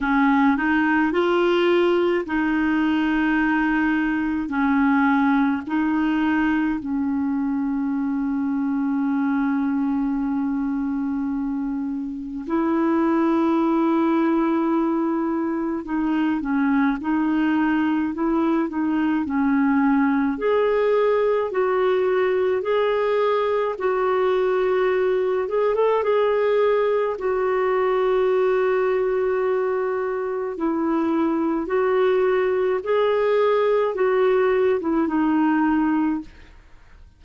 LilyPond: \new Staff \with { instrumentName = "clarinet" } { \time 4/4 \tempo 4 = 53 cis'8 dis'8 f'4 dis'2 | cis'4 dis'4 cis'2~ | cis'2. e'4~ | e'2 dis'8 cis'8 dis'4 |
e'8 dis'8 cis'4 gis'4 fis'4 | gis'4 fis'4. gis'16 a'16 gis'4 | fis'2. e'4 | fis'4 gis'4 fis'8. e'16 dis'4 | }